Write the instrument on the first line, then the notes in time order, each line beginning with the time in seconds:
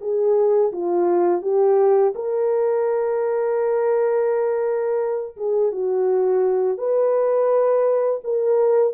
horn
0.00 G#4
0.72 F4
1.42 G4
2.15 A#4
5.36 G#4
5.72 F#4
6.77 B4
8.23 A#4